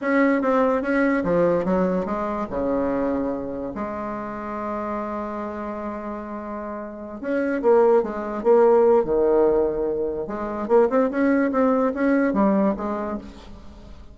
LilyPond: \new Staff \with { instrumentName = "bassoon" } { \time 4/4 \tempo 4 = 146 cis'4 c'4 cis'4 f4 | fis4 gis4 cis2~ | cis4 gis2.~ | gis1~ |
gis4. cis'4 ais4 gis8~ | gis8 ais4. dis2~ | dis4 gis4 ais8 c'8 cis'4 | c'4 cis'4 g4 gis4 | }